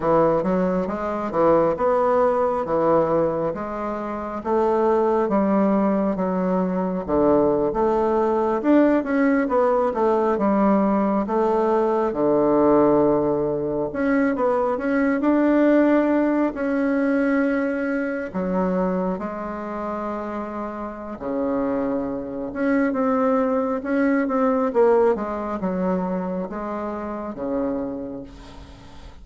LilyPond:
\new Staff \with { instrumentName = "bassoon" } { \time 4/4 \tempo 4 = 68 e8 fis8 gis8 e8 b4 e4 | gis4 a4 g4 fis4 | d8. a4 d'8 cis'8 b8 a8 g16~ | g8. a4 d2 cis'16~ |
cis'16 b8 cis'8 d'4. cis'4~ cis'16~ | cis'8. fis4 gis2~ gis16 | cis4. cis'8 c'4 cis'8 c'8 | ais8 gis8 fis4 gis4 cis4 | }